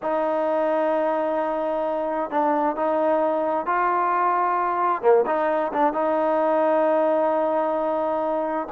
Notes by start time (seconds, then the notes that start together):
0.02 D#4
2.30 D4
2.76 D#4
3.66 F4
5.02 A#3
5.26 D#4
5.73 D4
5.93 D#4